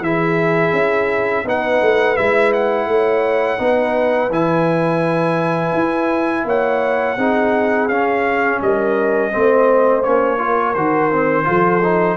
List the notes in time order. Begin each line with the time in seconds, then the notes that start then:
0.00 E3 E4 G#4 E5
0.72 C#4
1.45 B3 D#4 B4 F#5
1.81 A3
2.17 G#3 E4 E5
2.53 F#5
2.86 A3 C#5
3.58 B3 D#4 B4
4.30 E3 E4 G#5
5.74 E4
6.44 A#3 C#5 F#5
7.17 C4 D#4 G#4
7.88 C#4 F5
8.61 G3 A#4 D#5
9.31 A3 C4 C5
10.03 A#3 C#4 C#5
10.38 F4 A#4
10.74 D#3 F#4 C5
11.11 C4
11.44 F3 F4 A4
11.83 D#4